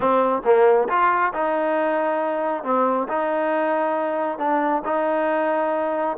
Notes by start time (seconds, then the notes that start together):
0.00 C4
0.44 A#3
0.88 F4
1.33 D#4
2.63 C4
3.08 D#4
4.38 D4
4.84 D#4